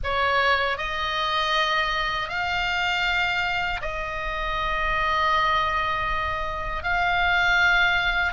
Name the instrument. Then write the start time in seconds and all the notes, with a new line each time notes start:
oboe
0.03 C#5
0.77 D#5
2.29 F5
3.81 D#5
6.83 F5